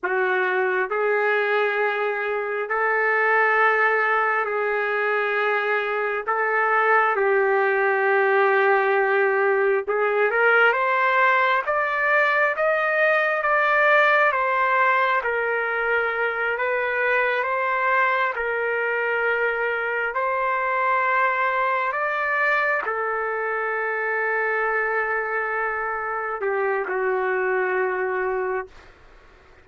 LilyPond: \new Staff \with { instrumentName = "trumpet" } { \time 4/4 \tempo 4 = 67 fis'4 gis'2 a'4~ | a'4 gis'2 a'4 | g'2. gis'8 ais'8 | c''4 d''4 dis''4 d''4 |
c''4 ais'4. b'4 c''8~ | c''8 ais'2 c''4.~ | c''8 d''4 a'2~ a'8~ | a'4. g'8 fis'2 | }